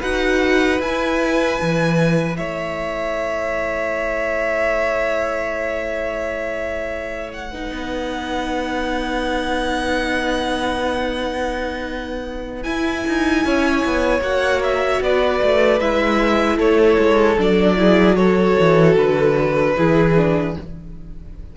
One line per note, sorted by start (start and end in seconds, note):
0.00 0.80 D#4
0.00 0.78 F#4
0.00 2.37 B4
0.00 0.81 F#5
0.78 7.49 E4
0.78 1.59 E4
0.78 2.37 G#5
1.61 2.39 E3
2.37 7.71 A3
2.37 7.51 C#5
2.37 7.30 E5
7.33 12.63 F#5
7.51 12.63 D#4
7.51 13.43 B4
7.71 12.65 B3
12.63 14.21 E4
12.63 13.05 E4
12.63 14.21 G#5
13.07 13.45 D#4
13.45 13.85 C#4
13.45 15.03 C#5
13.85 14.21 B3
14.21 15.00 A#3
14.21 15.80 F#4
14.21 14.62 F#5
14.63 15.02 E5
15.01 15.40 B3
15.01 16.57 B4
15.01 15.80 D5
15.42 15.81 A3
15.80 16.58 G#3
15.80 17.38 E4
15.80 16.59 E5
16.57 16.97 A3
16.57 17.75 A4
16.57 17.38 C#5
16.98 17.38 G#3
17.38 18.57 F#3
17.38 17.77 D4
17.38 18.15 D5
17.77 18.16 E4
17.77 18.18 G#4
18.15 19.75 F#4
18.15 19.75 A4
18.15 18.94 C#5
18.59 18.97 E3
18.97 19.76 D3
18.97 20.55 B4
19.76 20.57 E3
19.76 20.16 E4
19.76 20.56 G#4
20.16 20.56 D4